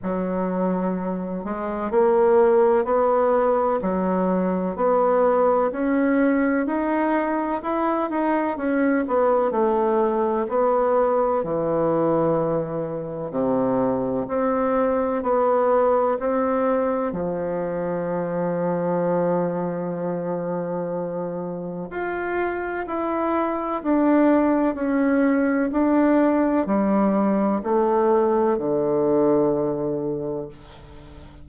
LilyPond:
\new Staff \with { instrumentName = "bassoon" } { \time 4/4 \tempo 4 = 63 fis4. gis8 ais4 b4 | fis4 b4 cis'4 dis'4 | e'8 dis'8 cis'8 b8 a4 b4 | e2 c4 c'4 |
b4 c'4 f2~ | f2. f'4 | e'4 d'4 cis'4 d'4 | g4 a4 d2 | }